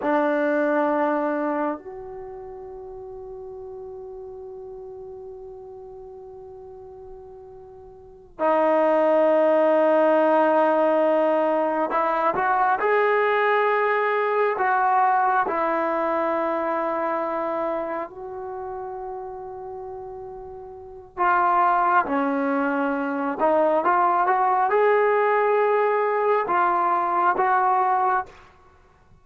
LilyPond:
\new Staff \with { instrumentName = "trombone" } { \time 4/4 \tempo 4 = 68 d'2 fis'2~ | fis'1~ | fis'4. dis'2~ dis'8~ | dis'4. e'8 fis'8 gis'4.~ |
gis'8 fis'4 e'2~ e'8~ | e'8 fis'2.~ fis'8 | f'4 cis'4. dis'8 f'8 fis'8 | gis'2 f'4 fis'4 | }